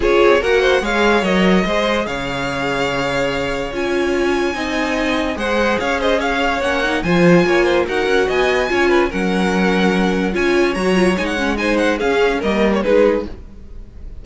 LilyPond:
<<
  \new Staff \with { instrumentName = "violin" } { \time 4/4 \tempo 4 = 145 cis''4 fis''4 f''4 dis''4~ | dis''4 f''2.~ | f''4 gis''2.~ | gis''4 fis''4 f''8 dis''8 f''4 |
fis''4 gis''2 fis''4 | gis''2 fis''2~ | fis''4 gis''4 ais''4 gis''16 fis''8. | gis''8 fis''8 f''4 dis''8. cis''16 b'4 | }
  \new Staff \with { instrumentName = "violin" } { \time 4/4 gis'4 ais'8 c''8 cis''2 | c''4 cis''2.~ | cis''2. dis''4~ | dis''4 c''4 cis''8 c''8 cis''4~ |
cis''4 c''4 cis''8 c''8 ais'4 | dis''4 cis''8 b'8 ais'2~ | ais'4 cis''2. | c''4 gis'4 ais'4 gis'4 | }
  \new Staff \with { instrumentName = "viola" } { \time 4/4 f'4 fis'4 gis'4 ais'4 | gis'1~ | gis'4 f'2 dis'4~ | dis'4 gis'2. |
cis'8 dis'8 f'2 fis'4~ | fis'4 f'4 cis'2~ | cis'4 f'4 fis'8 f'8 dis'8 cis'8 | dis'4 cis'4 ais4 dis'4 | }
  \new Staff \with { instrumentName = "cello" } { \time 4/4 cis'8 c'8 ais4 gis4 fis4 | gis4 cis2.~ | cis4 cis'2 c'4~ | c'4 gis4 cis'2 |
ais4 f4 ais4 dis'8 cis'8 | b4 cis'4 fis2~ | fis4 cis'4 fis4 gis4~ | gis4 cis'4 g4 gis4 | }
>>